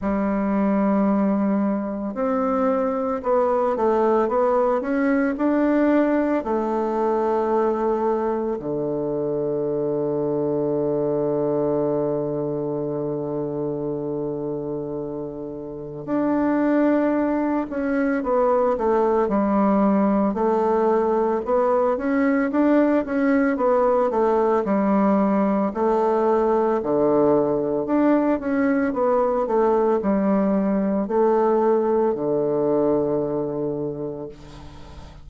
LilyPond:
\new Staff \with { instrumentName = "bassoon" } { \time 4/4 \tempo 4 = 56 g2 c'4 b8 a8 | b8 cis'8 d'4 a2 | d1~ | d2. d'4~ |
d'8 cis'8 b8 a8 g4 a4 | b8 cis'8 d'8 cis'8 b8 a8 g4 | a4 d4 d'8 cis'8 b8 a8 | g4 a4 d2 | }